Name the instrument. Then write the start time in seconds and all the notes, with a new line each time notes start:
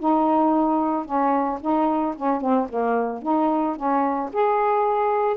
saxophone
0.00 D#4
1.06 C#4
1.62 D#4
2.17 C#4
2.41 C4
2.70 A#3
3.23 D#4
3.77 C#4
4.33 G#4